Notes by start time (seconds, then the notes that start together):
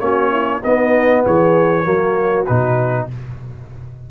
0.00 A#3 C#4 F#4 C#5
0.32 E4
0.64 B3 D#4 D#5
1.25 E3 G#4 C#5
1.84 F#3 A#3 F#4
2.46 B2 D#4 B4